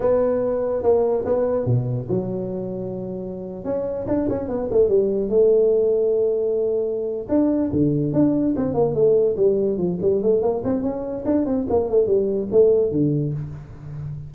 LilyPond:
\new Staff \with { instrumentName = "tuba" } { \time 4/4 \tempo 4 = 144 b2 ais4 b4 | b,4 fis2.~ | fis8. cis'4 d'8 cis'8 b8 a8 g16~ | g8. a2.~ a16~ |
a4. d'4 d4 d'8~ | d'8 c'8 ais8 a4 g4 f8 | g8 a8 ais8 c'8 cis'4 d'8 c'8 | ais8 a8 g4 a4 d4 | }